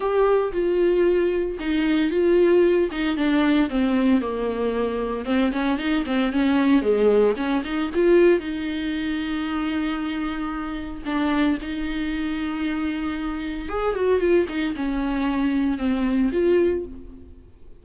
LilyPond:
\new Staff \with { instrumentName = "viola" } { \time 4/4 \tempo 4 = 114 g'4 f'2 dis'4 | f'4. dis'8 d'4 c'4 | ais2 c'8 cis'8 dis'8 c'8 | cis'4 gis4 cis'8 dis'8 f'4 |
dis'1~ | dis'4 d'4 dis'2~ | dis'2 gis'8 fis'8 f'8 dis'8 | cis'2 c'4 f'4 | }